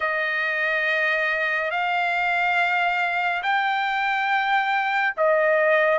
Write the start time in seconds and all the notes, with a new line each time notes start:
0.00 D#5
1.71 F5
3.42 G5
5.16 D#5